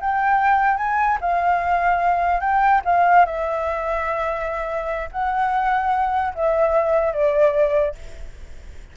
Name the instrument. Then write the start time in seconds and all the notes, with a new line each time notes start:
flute
0.00 G5
0.77 G#5
1.21 F5
2.40 G5
2.84 F5
3.25 E5
5.11 F#5
6.35 E5
7.13 D5